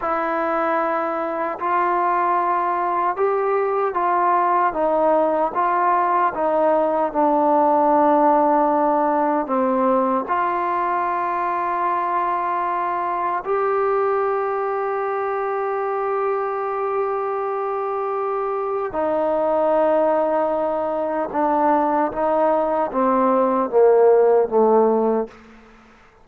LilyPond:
\new Staff \with { instrumentName = "trombone" } { \time 4/4 \tempo 4 = 76 e'2 f'2 | g'4 f'4 dis'4 f'4 | dis'4 d'2. | c'4 f'2.~ |
f'4 g'2.~ | g'1 | dis'2. d'4 | dis'4 c'4 ais4 a4 | }